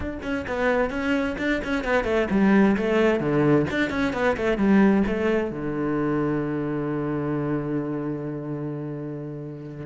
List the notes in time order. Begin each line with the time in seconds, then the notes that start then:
0.00 D4
0.22 C#4
0.47 B3
0.90 C#4
1.38 D4
1.63 C#4
1.84 B3
2.04 A3
2.30 G3
2.76 A3
3.20 D3
3.70 D4
3.90 C#4
4.13 B3
4.36 A3
4.57 G3
5.06 A3
5.50 D3